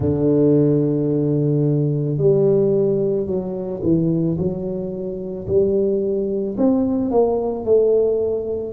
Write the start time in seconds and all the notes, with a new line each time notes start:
0.00 D3
2.17 G3
3.26 F#3
3.82 E3
4.37 F#3
5.47 G3
6.57 C4
7.10 A#3
7.65 A3